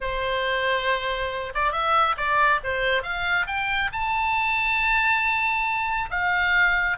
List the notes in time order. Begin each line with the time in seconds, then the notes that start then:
0.01 C5
1.54 D5
1.72 E5
2.17 D5
2.63 C5
3.02 F5
3.46 G5
3.92 A5
6.10 F5